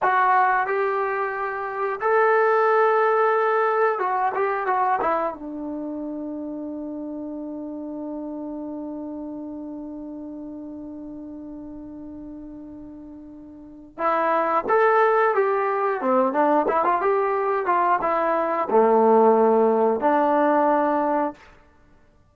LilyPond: \new Staff \with { instrumentName = "trombone" } { \time 4/4 \tempo 4 = 90 fis'4 g'2 a'4~ | a'2 fis'8 g'8 fis'8 e'8 | d'1~ | d'1~ |
d'1~ | d'4 e'4 a'4 g'4 | c'8 d'8 e'16 f'16 g'4 f'8 e'4 | a2 d'2 | }